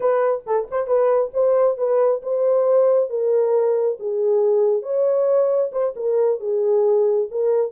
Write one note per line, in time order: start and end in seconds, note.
0.00 0.44 B4
0.46 0.68 A4
0.70 0.87 C5
0.87 1.31 B4
1.33 1.77 C5
1.77 2.21 B4
2.22 3.09 C5
3.09 3.98 A#4
3.99 4.82 G#4
4.82 5.70 C#5
5.72 5.94 C5
5.96 6.40 A#4
6.40 7.28 G#4
7.30 7.71 A#4